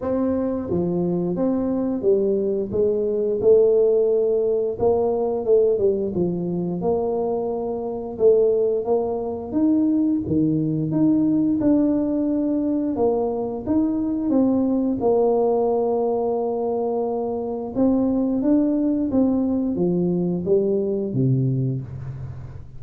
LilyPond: \new Staff \with { instrumentName = "tuba" } { \time 4/4 \tempo 4 = 88 c'4 f4 c'4 g4 | gis4 a2 ais4 | a8 g8 f4 ais2 | a4 ais4 dis'4 dis4 |
dis'4 d'2 ais4 | dis'4 c'4 ais2~ | ais2 c'4 d'4 | c'4 f4 g4 c4 | }